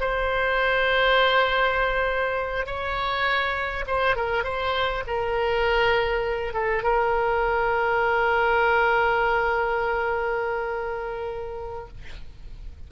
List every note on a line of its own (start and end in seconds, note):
0.00 2.66 C5
2.66 3.85 C#5
3.87 4.16 C5
4.16 4.44 A#4
4.44 5.03 C5
5.07 6.53 A#4
6.53 6.83 A4
6.83 11.88 A#4